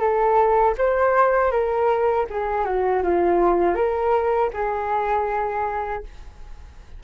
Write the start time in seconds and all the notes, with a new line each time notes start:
0.00 A4
0.78 C5
1.51 A#4
2.30 G#4
2.65 F#4
3.03 F4
3.75 A#4
4.53 G#4